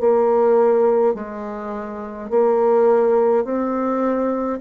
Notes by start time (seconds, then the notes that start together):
0.00 A#3
1.15 G#3
2.30 A#3
3.45 C4